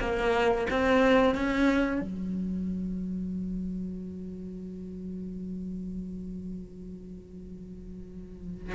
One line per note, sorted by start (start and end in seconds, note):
0.00 0.67 A#3
0.70 1.35 C4
1.35 2.01 C#4
2.01 8.75 F#3